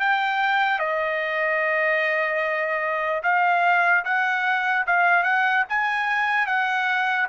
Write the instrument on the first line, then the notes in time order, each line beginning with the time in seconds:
trumpet
0.00 G5
0.79 D#5
3.23 F5
4.05 F#5
4.86 F5
5.24 F#5
5.69 G#5
6.46 F#5